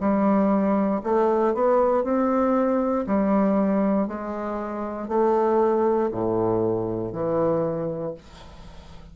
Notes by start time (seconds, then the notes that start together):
0.00 G3
1.04 A3
1.54 B3
2.04 C4
3.06 G3
4.07 G#3
5.08 A3
6.12 A2
7.12 E3